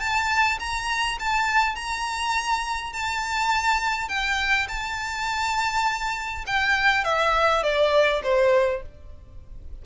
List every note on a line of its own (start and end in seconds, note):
0.00 0.59 A5
0.60 1.19 A#5
1.20 1.76 A5
1.76 2.93 A#5
2.93 4.09 A5
4.09 4.68 G5
4.69 6.45 A5
6.47 7.04 G5
7.04 7.63 E5
7.63 8.22 D5
8.24 8.83 C5